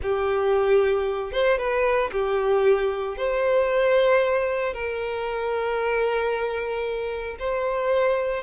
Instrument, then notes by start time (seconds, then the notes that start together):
violin
0.02 G4
1.32 C5
1.58 B4
2.12 G4
3.17 C5
4.73 A#4
7.39 C5